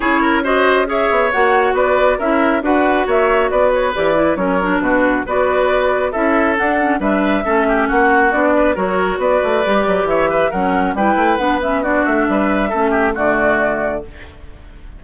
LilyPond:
<<
  \new Staff \with { instrumentName = "flute" } { \time 4/4 \tempo 4 = 137 cis''4 dis''4 e''4 fis''4 | d''4 e''4 fis''4 e''4 | d''8 cis''8 d''4 cis''4 b'4 | d''2 e''4 fis''4 |
e''2 fis''4 d''4 | cis''4 d''2 e''4 | fis''4 g''4 fis''8 e''8 d''8 e''8~ | e''2 d''2 | }
  \new Staff \with { instrumentName = "oboe" } { \time 4/4 gis'8 ais'8 c''4 cis''2 | b'4 ais'4 b'4 cis''4 | b'2 ais'4 fis'4 | b'2 a'2 |
b'4 a'8 g'8 fis'4. b'8 | ais'4 b'2 cis''8 b'8 | ais'4 b'2 fis'4 | b'4 a'8 g'8 fis'2 | }
  \new Staff \with { instrumentName = "clarinet" } { \time 4/4 e'4 fis'4 gis'4 fis'4~ | fis'4 e'4 fis'2~ | fis'4 g'8 e'8 cis'8 d'4. | fis'2 e'4 d'8 cis'8 |
d'4 cis'2 d'4 | fis'2 g'2 | cis'4 e'4 d'8 cis'8 d'4~ | d'4 cis'4 a2 | }
  \new Staff \with { instrumentName = "bassoon" } { \time 4/4 cis'2~ cis'8 b8 ais4 | b4 cis'4 d'4 ais4 | b4 e4 fis4 b,4 | b2 cis'4 d'4 |
g4 a4 ais4 b4 | fis4 b8 a8 g8 fis8 e4 | fis4 g8 a8 b4. a8 | g4 a4 d2 | }
>>